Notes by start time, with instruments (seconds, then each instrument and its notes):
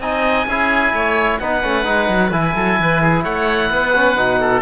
0.00 cello C4, trombone D#4, oboe D#5 G#5
0.47 cello C#4, trombone E4, oboe G#4
0.93 cello A3, oboe C#5
1.39 cello B3, trombone D#4, oboe B4 F#5
1.63 cello A3, trombone C#4
1.85 cello G#3, trombone D#4
2.09 cello F#3
2.32 cello E3, trombone E4, oboe G#5
2.55 cello F#3, oboe A4
2.80 cello E3, oboe B4
3.02 oboe G#4
3.24 cello A3, oboe C#5 F#5
3.70 cello B3, oboe B4
3.95 trombone C#4
4.17 cello B2, trombone D#4
4.41 oboe A4